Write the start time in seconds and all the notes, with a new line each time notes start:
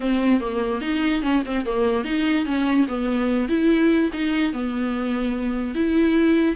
0.00 C4
0.40 A#3
0.81 D#4
1.22 C#4
1.45 C4
1.65 A#3
2.04 D#4
2.45 C#4
2.87 B3
3.48 E4
4.13 D#4
4.53 B3
5.75 E4